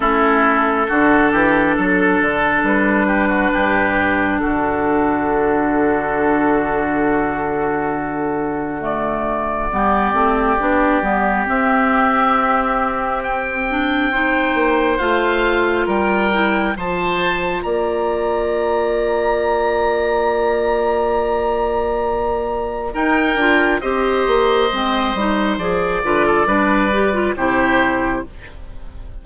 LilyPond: <<
  \new Staff \with { instrumentName = "oboe" } { \time 4/4 \tempo 4 = 68 a'2. b'4~ | b'4 a'2.~ | a'2 d''2~ | d''4 e''2 g''4~ |
g''4 f''4 g''4 a''4 | ais''1~ | ais''2 g''4 dis''4~ | dis''4 d''2 c''4 | }
  \new Staff \with { instrumentName = "oboe" } { \time 4/4 e'4 fis'8 g'8 a'4. g'16 fis'16 | g'4 fis'2.~ | fis'2. g'4~ | g'1 |
c''2 ais'4 c''4 | d''1~ | d''2 ais'4 c''4~ | c''4. b'16 a'16 b'4 g'4 | }
  \new Staff \with { instrumentName = "clarinet" } { \time 4/4 cis'4 d'2.~ | d'1~ | d'2 a4 b8 c'8 | d'8 b8 c'2~ c'8 d'8 |
dis'4 f'4. e'8 f'4~ | f'1~ | f'2 dis'8 f'8 g'4 | c'8 dis'8 gis'8 f'8 d'8 g'16 f'16 e'4 | }
  \new Staff \with { instrumentName = "bassoon" } { \time 4/4 a4 d8 e8 fis8 d8 g4 | g,4 d2.~ | d2. g8 a8 | b8 g8 c'2.~ |
c'8 ais8 a4 g4 f4 | ais1~ | ais2 dis'8 d'8 c'8 ais8 | gis8 g8 f8 d8 g4 c4 | }
>>